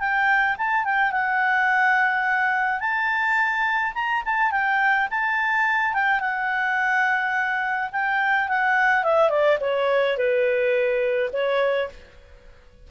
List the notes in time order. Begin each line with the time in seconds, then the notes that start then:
0.00 G5
0.58 A5
0.85 G5
1.12 F#5
2.80 A5
3.95 A#5
4.26 A5
4.52 G5
5.11 A5
5.94 G5
6.21 F#5
7.92 G5
8.49 F#5
9.04 E5
9.30 D5
9.61 C#5
10.18 B4
11.33 C#5